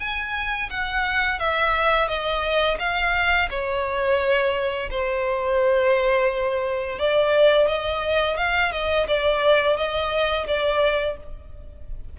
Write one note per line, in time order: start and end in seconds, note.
0.00 0.70 G#5
0.70 1.40 F#5
1.40 2.08 E5
2.08 2.78 D#5
2.79 3.49 F5
3.50 4.90 C#5
4.91 6.99 C5
6.99 7.68 D5
7.68 8.38 D#5
8.38 8.72 F5
8.72 9.07 D#5
9.08 9.77 D5
9.77 10.47 D#5
10.47 11.17 D5